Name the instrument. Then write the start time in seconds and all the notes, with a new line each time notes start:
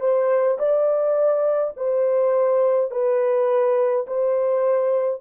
horn
0.00 C5
0.58 D5
1.76 C5
2.91 B4
4.06 C5